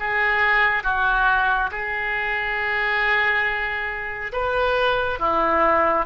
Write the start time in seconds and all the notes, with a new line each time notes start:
0.00 G#4
0.83 F#4
1.72 G#4
4.33 B4
5.20 E4